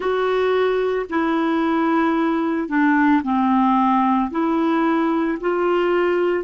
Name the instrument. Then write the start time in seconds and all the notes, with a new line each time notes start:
clarinet
0.00 F#4
1.10 E4
2.68 D4
3.23 C4
4.31 E4
5.40 F4